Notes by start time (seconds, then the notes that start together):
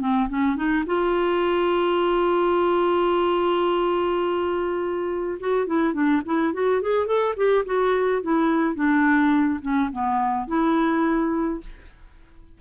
0.00 C4
0.29 C#4
0.56 D#4
0.86 F4
5.40 F#4
5.66 E4
5.93 D4
6.25 E4
6.53 F#4
6.82 G#4
7.06 A4
7.36 G4
7.65 F#4
8.22 E4
8.75 D4
9.61 C#4
9.92 B3
10.47 E4